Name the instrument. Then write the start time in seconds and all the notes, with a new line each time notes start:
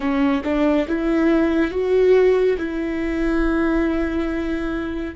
viola
0.00 C#4
0.44 D4
0.88 E4
1.71 F#4
2.58 E4